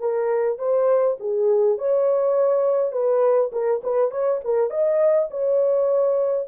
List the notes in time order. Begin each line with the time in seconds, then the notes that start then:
0.00 A#4
0.59 C5
1.20 G#4
1.78 C#5
2.92 B4
3.52 A#4
3.83 B4
4.11 C#5
4.44 A#4
4.70 D#5
5.31 C#5